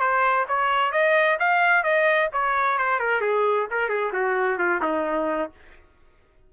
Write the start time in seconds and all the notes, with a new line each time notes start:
0.00 C5
0.49 C#5
0.92 D#5
1.39 F5
1.84 D#5
2.33 C#5
2.78 C5
2.99 A#4
3.21 G#4
3.71 A#4
3.89 G#4
4.13 F#4
4.58 F4
4.82 D#4